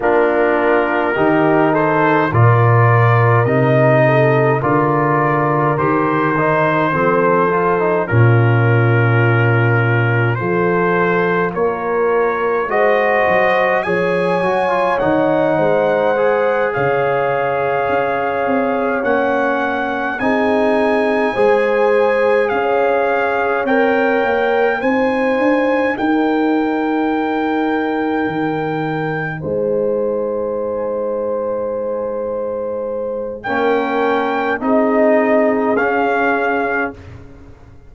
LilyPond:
<<
  \new Staff \with { instrumentName = "trumpet" } { \time 4/4 \tempo 4 = 52 ais'4. c''8 d''4 dis''4 | d''4 c''2 ais'4~ | ais'4 c''4 cis''4 dis''4 | gis''4 fis''4. f''4.~ |
f''8 fis''4 gis''2 f''8~ | f''8 g''4 gis''4 g''4.~ | g''4. gis''2~ gis''8~ | gis''4 g''4 dis''4 f''4 | }
  \new Staff \with { instrumentName = "horn" } { \time 4/4 f'4 g'8 a'8 ais'4. a'8 | ais'2 a'4 f'4~ | f'4 a'4 ais'4 c''4 | cis''4. c''4 cis''4.~ |
cis''4. gis'4 c''4 cis''8~ | cis''4. c''4 ais'4.~ | ais'4. c''2~ c''8~ | c''4 ais'4 gis'2 | }
  \new Staff \with { instrumentName = "trombone" } { \time 4/4 d'4 dis'4 f'4 dis'4 | f'4 g'8 dis'8 c'8 f'16 dis'16 cis'4~ | cis'4 f'2 fis'4 | gis'8 fis'16 f'16 dis'4 gis'2~ |
gis'8 cis'4 dis'4 gis'4.~ | gis'8 ais'4 dis'2~ dis'8~ | dis'1~ | dis'4 cis'4 dis'4 cis'4 | }
  \new Staff \with { instrumentName = "tuba" } { \time 4/4 ais4 dis4 ais,4 c4 | d4 dis4 f4 ais,4~ | ais,4 f4 ais4 gis8 fis8 | f8 fis8 dis8 gis4 cis4 cis'8 |
c'8 ais4 c'4 gis4 cis'8~ | cis'8 c'8 ais8 c'8 d'8 dis'4.~ | dis'8 dis4 gis2~ gis8~ | gis4 ais4 c'4 cis'4 | }
>>